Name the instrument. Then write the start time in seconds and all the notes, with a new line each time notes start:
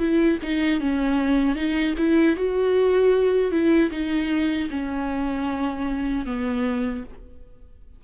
viola
0.00 E4
0.43 D#4
0.80 C#4
1.56 D#4
1.98 E4
2.37 F#4
3.52 E4
3.91 D#4
4.71 C#4
6.27 B3